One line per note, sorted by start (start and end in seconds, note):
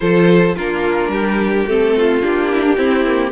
0.00 0.56 F3
0.00 0.56 F4
0.00 0.55 A4
0.00 0.56 C5
0.55 1.08 A#3
0.55 1.68 D4
0.55 1.11 F4
0.55 1.67 A#4
1.08 1.64 G3
1.08 1.95 G4
1.67 2.23 A3
1.67 2.22 C4
1.67 2.22 A4
1.97 2.52 F4
2.22 2.77 A#3
2.22 2.76 D4
2.22 3.31 G4
2.52 2.61 E4
2.61 2.75 D4
2.76 3.04 C4
2.76 3.31 C4
2.76 3.31 E4
3.05 3.31 A#3